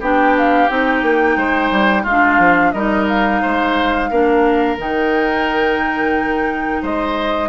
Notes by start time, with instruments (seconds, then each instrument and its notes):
0.00 bassoon B3, clarinet D4, oboe G4, flute G5
0.38 flute F5
0.69 bassoon C4, clarinet D#4, flute G5
1.02 bassoon A#3
1.36 bassoon G#3, oboe C5
1.71 bassoon G3
2.03 bassoon G#3, oboe F4, flute F5
2.11 clarinet D4
2.38 bassoon F3
2.72 bassoon G3, clarinet D#4, oboe A#4, flute D#5
3.08 flute F5
3.41 bassoon G#3, oboe C5
4.10 bassoon A#3, clarinet D4, oboe A#4
4.78 bassoon D#3, clarinet D#4, flute G5
6.82 bassoon G#3, oboe C5, flute D#5